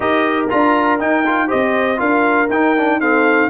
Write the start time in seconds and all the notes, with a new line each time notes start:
0.00 D#4 G4 A#4 D#5
0.49 D4 F4 A#5
0.99 D#4 G5
1.26 F4
1.47 C4 G4 C5 D#5
1.96 D4 F4 A#4 F5
2.49 D#4 G5
2.77 D4
3.00 C4 A4 F5